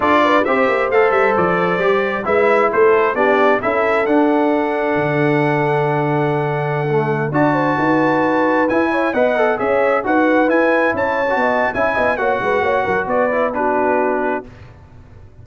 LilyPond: <<
  \new Staff \with { instrumentName = "trumpet" } { \time 4/4 \tempo 4 = 133 d''4 e''4 f''8 e''8 d''4~ | d''4 e''4 c''4 d''4 | e''4 fis''2.~ | fis''1~ |
fis''16 a''2. gis''8.~ | gis''16 fis''4 e''4 fis''4 gis''8.~ | gis''16 a''4.~ a''16 gis''4 fis''4~ | fis''4 d''4 b'2 | }
  \new Staff \with { instrumentName = "horn" } { \time 4/4 a'8 b'8 c''2.~ | c''4 b'4 a'4 g'4 | a'1~ | a'1~ |
a'16 d''8 c''8 b'2~ b'8 cis''16~ | cis''16 dis''4 cis''4 b'4.~ b'16~ | b'16 cis''4 dis''8. e''8 dis''8 cis''8 b'8 | cis''8 ais'8 b'4 fis'2 | }
  \new Staff \with { instrumentName = "trombone" } { \time 4/4 f'4 g'4 a'2 | g'4 e'2 d'4 | e'4 d'2.~ | d'2.~ d'16 a8.~ |
a16 fis'2. e'8.~ | e'16 b'8 a'8 gis'4 fis'4 e'8.~ | e'4 fis'4 e'4 fis'4~ | fis'4. e'8 d'2 | }
  \new Staff \with { instrumentName = "tuba" } { \time 4/4 d'4 c'8 ais8 a8 g8 f4 | g4 gis4 a4 b4 | cis'4 d'2 d4~ | d1~ |
d16 d'4 dis'2 e'8.~ | e'16 b4 cis'4 dis'4 e'8.~ | e'16 cis'4 b8. cis'8 b8 ais8 gis8 | ais8 fis8 b2. | }
>>